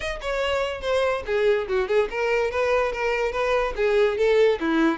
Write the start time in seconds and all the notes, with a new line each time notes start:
0.00 D#5
0.21 C#5
0.81 C5
1.25 G#4
1.67 F#4
1.87 G#4
2.10 A#4
2.50 B4
2.92 A#4
3.31 B4
3.76 G#4
4.17 A4
4.60 E4